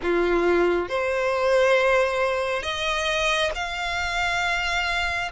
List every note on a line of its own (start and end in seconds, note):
0.02 0.88 F4
0.88 2.62 C5
2.62 3.51 D#5
3.55 5.31 F5